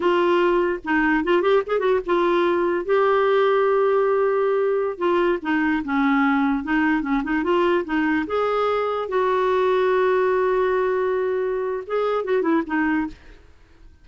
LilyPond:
\new Staff \with { instrumentName = "clarinet" } { \time 4/4 \tempo 4 = 147 f'2 dis'4 f'8 g'8 | gis'8 fis'8 f'2 g'4~ | g'1~ | g'16 f'4 dis'4 cis'4.~ cis'16~ |
cis'16 dis'4 cis'8 dis'8 f'4 dis'8.~ | dis'16 gis'2 fis'4.~ fis'16~ | fis'1~ | fis'4 gis'4 fis'8 e'8 dis'4 | }